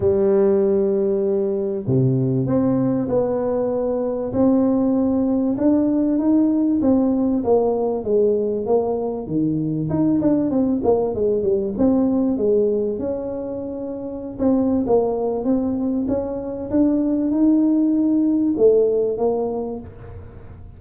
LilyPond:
\new Staff \with { instrumentName = "tuba" } { \time 4/4 \tempo 4 = 97 g2. c4 | c'4 b2 c'4~ | c'4 d'4 dis'4 c'4 | ais4 gis4 ais4 dis4 |
dis'8 d'8 c'8 ais8 gis8 g8 c'4 | gis4 cis'2~ cis'16 c'8. | ais4 c'4 cis'4 d'4 | dis'2 a4 ais4 | }